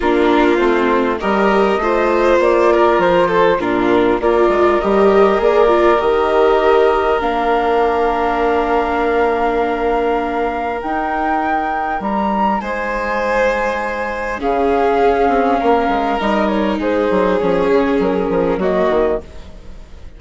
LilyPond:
<<
  \new Staff \with { instrumentName = "flute" } { \time 4/4 \tempo 4 = 100 ais'4 c''4 dis''2 | d''4 c''4 ais'4 d''4 | dis''4 d''4 dis''2 | f''1~ |
f''2 g''2 | ais''4 gis''2. | f''2. dis''8 cis''8 | c''4 cis''4 ais'4 dis''4 | }
  \new Staff \with { instrumentName = "violin" } { \time 4/4 f'2 ais'4 c''4~ | c''8 ais'4 a'8 f'4 ais'4~ | ais'1~ | ais'1~ |
ais'1~ | ais'4 c''2. | gis'2 ais'2 | gis'2. fis'4 | }
  \new Staff \with { instrumentName = "viola" } { \time 4/4 d'4 c'4 g'4 f'4~ | f'2 d'4 f'4 | g'4 gis'8 f'8 g'2 | d'1~ |
d'2 dis'2~ | dis'1 | cis'2. dis'4~ | dis'4 cis'2 ais4 | }
  \new Staff \with { instrumentName = "bassoon" } { \time 4/4 ais4 a4 g4 a4 | ais4 f4 ais,4 ais8 gis8 | g4 ais4 dis2 | ais1~ |
ais2 dis'2 | g4 gis2. | cis4 cis'8 c'8 ais8 gis8 g4 | gis8 fis8 f8 cis8 fis8 f8 fis8 dis8 | }
>>